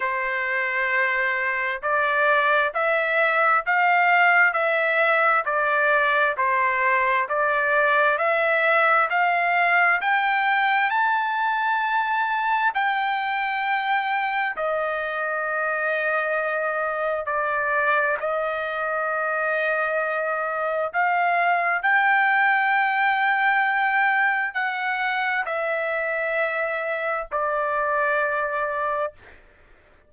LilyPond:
\new Staff \with { instrumentName = "trumpet" } { \time 4/4 \tempo 4 = 66 c''2 d''4 e''4 | f''4 e''4 d''4 c''4 | d''4 e''4 f''4 g''4 | a''2 g''2 |
dis''2. d''4 | dis''2. f''4 | g''2. fis''4 | e''2 d''2 | }